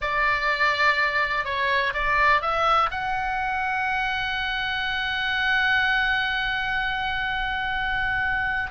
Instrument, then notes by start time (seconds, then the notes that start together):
oboe
0.01 D5
1.45 C#5
1.93 D5
2.41 E5
2.91 F#5